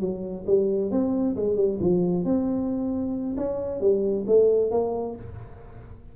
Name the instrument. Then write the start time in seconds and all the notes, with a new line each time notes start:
tuba
0.00 F#3
0.46 G3
0.91 C4
1.36 G#3
1.56 G3
1.80 F3
2.24 C4
3.37 C#4
3.80 G3
4.27 A3
4.71 A#3